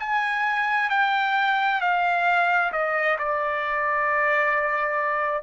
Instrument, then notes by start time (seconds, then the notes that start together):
trumpet
0.00 G#5
0.90 G5
1.81 F5
2.72 D#5
3.19 D5